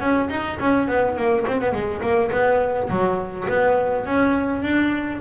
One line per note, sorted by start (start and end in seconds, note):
0.00 0.29 C#4
0.29 0.58 D#4
0.60 0.88 C#4
0.88 1.16 B3
1.16 1.45 A#3
1.47 1.61 C4
1.61 1.72 B3
1.72 2.01 G#3
2.01 2.30 A#3
2.31 2.89 B3
2.89 3.47 F#3
3.48 4.05 B3
4.05 4.62 C#4
4.62 5.20 D4